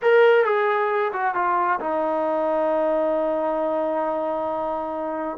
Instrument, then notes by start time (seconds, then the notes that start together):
trombone
0.02 A#4
0.45 G#4
1.12 F#4
1.34 F4
1.80 D#4